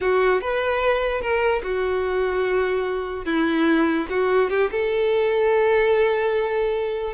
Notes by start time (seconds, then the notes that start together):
0.01 F#4
0.41 B4
1.21 A#4
1.63 F#4
3.25 E4
4.09 F#4
4.50 G4
4.71 A4